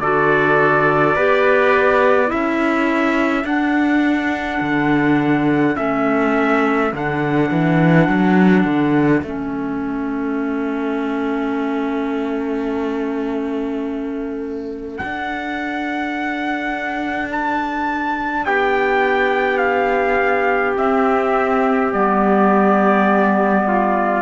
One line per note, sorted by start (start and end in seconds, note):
0.00 1.15 D3
0.00 1.18 F#4
0.00 1.16 A4
0.00 2.31 D5
1.16 2.32 B3
1.16 2.27 G4
1.16 2.31 B4
2.27 3.42 E4
2.27 18.46 A4
2.27 3.46 E5
2.33 3.44 C#4
3.44 4.60 D4
3.44 5.76 D4
3.44 5.77 F#5
4.61 5.76 D3
5.76 6.93 A3
5.76 6.91 C#4
5.76 6.92 E5
6.93 7.51 D3
6.93 9.25 D4
6.93 9.25 F#5
7.51 8.09 E3
8.09 8.64 F#3
8.64 9.22 D3
9.23 15.00 A3
9.23 15.02 C#4
9.23 14.98 E5
14.98 20.76 D4
14.98 18.47 D4
14.98 17.29 F#5
17.32 18.46 A5
18.46 20.78 B3
18.46 23.66 G4
18.46 19.58 G5
19.58 20.73 F5
20.76 21.92 C4
20.76 21.94 C4
20.76 21.93 E5
21.93 24.22 G3
21.93 24.22 B3
21.93 24.22 D5
23.68 24.22 F4